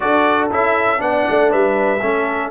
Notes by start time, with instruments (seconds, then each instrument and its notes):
0.00 tuba D4, trombone F#4, horn A4, trumpet D5
0.51 tuba C#4, trombone E4, trumpet E5
0.98 tuba B3, trombone D4, horn D5, trumpet F#5
1.29 tuba A3
1.51 tuba G3, horn B4, trumpet E5
2.01 tuba A3, trombone C#4, horn A4